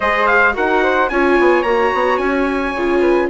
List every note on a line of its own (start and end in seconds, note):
0.00 0.56 G#3
0.00 0.52 G#4
0.00 0.53 C5
0.00 0.26 D#5
0.26 0.54 F5
0.52 1.10 D#4
0.52 1.07 F#4
0.52 0.83 A#4
0.52 1.09 F#5
0.83 1.10 C5
1.09 1.37 C#4
1.09 1.64 F4
1.09 2.99 C#5
1.09 1.62 G#5
1.39 1.63 B3
1.62 1.91 A#3
1.62 2.74 F#4
1.62 2.17 A#5
1.93 2.18 B3
2.17 2.73 C#4
2.17 3.27 G#5
2.75 3.29 C#3
2.75 3.29 F4
2.99 3.27 B4